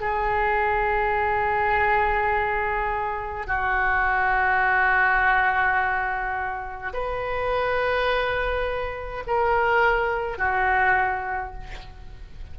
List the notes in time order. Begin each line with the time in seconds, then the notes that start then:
0.00 G#4
3.46 F#4
6.93 B4
9.27 A#4
10.38 F#4